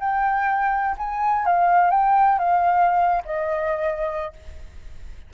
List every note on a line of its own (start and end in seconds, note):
0.00 0.96 G5
0.98 1.46 G#5
1.46 1.91 F5
1.91 2.39 G5
2.39 3.23 F5
3.25 4.33 D#5